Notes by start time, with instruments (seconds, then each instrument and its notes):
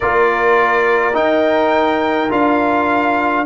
0.00 tuba A#3, trombone F4, horn A#4, trumpet D5
1.13 trombone D#4, tuba D#4, trumpet G5
2.29 tuba D4, trombone F4, trumpet F5